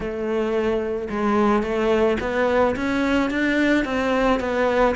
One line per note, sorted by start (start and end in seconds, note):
0.00 1.08 A3
1.10 1.62 G#3
1.62 2.17 A3
2.20 2.75 B3
2.75 3.30 C#4
3.30 3.85 D4
3.85 4.40 C4
4.40 4.95 B3